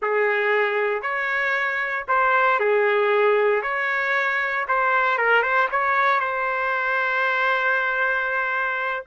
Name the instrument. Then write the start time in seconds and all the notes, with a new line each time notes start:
trumpet
0.02 G#4
1.02 C#5
2.08 C5
2.59 G#4
3.62 C#5
4.68 C5
5.18 A#4
5.42 C5
5.71 C#5
6.20 C5